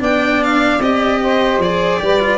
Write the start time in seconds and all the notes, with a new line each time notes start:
0.00 B3 D4 D5 G5
0.43 F5
0.80 C4 G4 D#5
1.22 C5
1.58 F3 G#4 D5
2.01 G3 G4 B4
2.20 F4